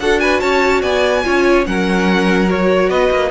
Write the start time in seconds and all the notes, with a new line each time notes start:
0.00 D4 F#4 A4 F#5
0.20 B4 G#5
0.40 C#4 C#5 A5
0.82 B3 D5 G#5
1.24 C#4 F4 C#5
1.65 F#3 C#4 A#4 F#5
2.48 F#4 C#5
2.89 B3 B4 D#5
3.11 A#3